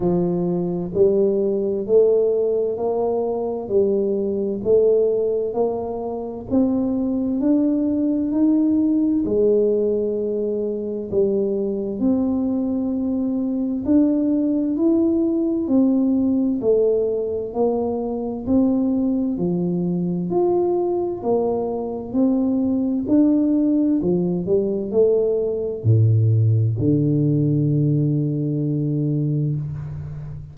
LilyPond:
\new Staff \with { instrumentName = "tuba" } { \time 4/4 \tempo 4 = 65 f4 g4 a4 ais4 | g4 a4 ais4 c'4 | d'4 dis'4 gis2 | g4 c'2 d'4 |
e'4 c'4 a4 ais4 | c'4 f4 f'4 ais4 | c'4 d'4 f8 g8 a4 | a,4 d2. | }